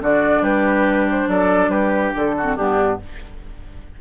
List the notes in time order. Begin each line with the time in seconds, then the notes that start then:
0.00 D3 D4 F#4 D5
0.41 G3 G4 B4
1.11 C5
1.28 F#3 A4 D5
1.68 G3 G4 B4
2.15 D3 A4
2.37 C4 F#4
2.55 G2 B3 D4 G4